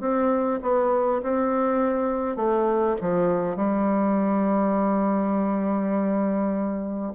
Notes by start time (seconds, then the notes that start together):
0.00 C4
0.62 B3
1.22 C4
2.36 A3
3.01 F3
3.56 G3